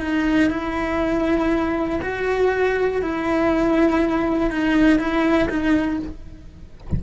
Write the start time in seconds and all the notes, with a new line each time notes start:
0.00 D#4
0.50 E4
2.02 F#4
3.02 E4
4.50 D#4
4.99 E4
5.49 D#4